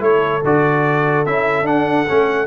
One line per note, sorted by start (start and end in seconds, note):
0.00 0.41 A3
0.00 0.41 E4
0.00 2.47 A4
0.00 0.44 C#5
0.44 1.26 D3
0.44 1.26 F#4
0.44 1.26 D5
1.26 1.63 C#4
1.26 1.65 E4
1.26 1.67 E5
1.63 2.04 D4
1.63 2.06 D4
1.63 2.47 F#5
2.09 2.47 A3
2.09 2.47 C#4